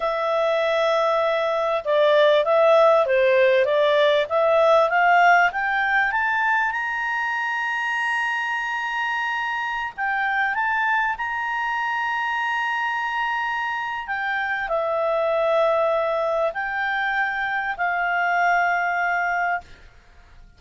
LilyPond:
\new Staff \with { instrumentName = "clarinet" } { \time 4/4 \tempo 4 = 98 e''2. d''4 | e''4 c''4 d''4 e''4 | f''4 g''4 a''4 ais''4~ | ais''1~ |
ais''16 g''4 a''4 ais''4.~ ais''16~ | ais''2. g''4 | e''2. g''4~ | g''4 f''2. | }